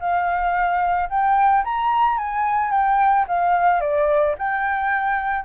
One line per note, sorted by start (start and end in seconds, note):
0.00 1.09 F5
1.09 1.64 G5
1.64 2.18 A#5
2.18 2.71 G#5
2.71 3.26 G5
3.28 3.81 F5
3.81 4.35 D5
4.38 5.45 G5